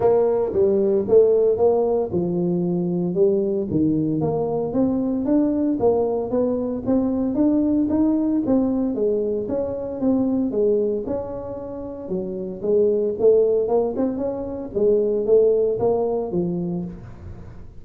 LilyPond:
\new Staff \with { instrumentName = "tuba" } { \time 4/4 \tempo 4 = 114 ais4 g4 a4 ais4 | f2 g4 dis4 | ais4 c'4 d'4 ais4 | b4 c'4 d'4 dis'4 |
c'4 gis4 cis'4 c'4 | gis4 cis'2 fis4 | gis4 a4 ais8 c'8 cis'4 | gis4 a4 ais4 f4 | }